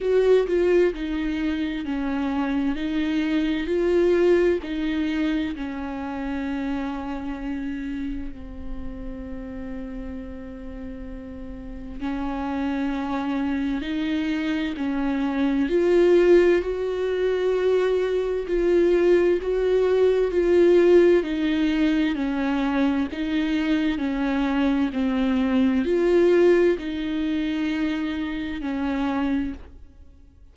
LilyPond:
\new Staff \with { instrumentName = "viola" } { \time 4/4 \tempo 4 = 65 fis'8 f'8 dis'4 cis'4 dis'4 | f'4 dis'4 cis'2~ | cis'4 c'2.~ | c'4 cis'2 dis'4 |
cis'4 f'4 fis'2 | f'4 fis'4 f'4 dis'4 | cis'4 dis'4 cis'4 c'4 | f'4 dis'2 cis'4 | }